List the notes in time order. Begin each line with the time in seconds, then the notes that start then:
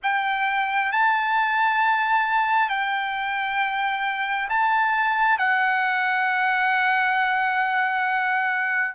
0.02 G5
0.92 A5
2.69 G5
4.49 A5
5.38 F#5